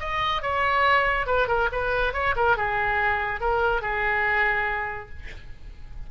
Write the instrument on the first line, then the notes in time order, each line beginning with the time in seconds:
oboe
0.00 D#5
0.43 C#5
1.27 B4
1.48 A#4
1.72 B4
2.14 C#5
2.37 A#4
2.57 G#4
3.41 A#4
3.82 G#4